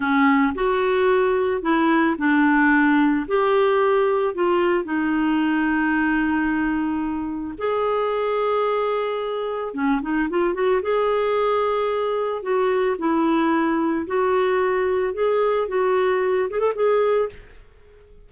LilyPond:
\new Staff \with { instrumentName = "clarinet" } { \time 4/4 \tempo 4 = 111 cis'4 fis'2 e'4 | d'2 g'2 | f'4 dis'2.~ | dis'2 gis'2~ |
gis'2 cis'8 dis'8 f'8 fis'8 | gis'2. fis'4 | e'2 fis'2 | gis'4 fis'4. gis'16 a'16 gis'4 | }